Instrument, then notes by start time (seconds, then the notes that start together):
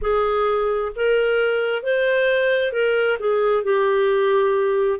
clarinet
0.01 G#4
0.95 A#4
1.82 C5
2.72 A#4
3.19 G#4
3.63 G4